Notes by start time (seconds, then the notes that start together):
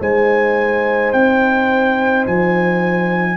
0.00 G#3 D#4 C5 G#5
1.13 C4 G5
2.26 F3 G#5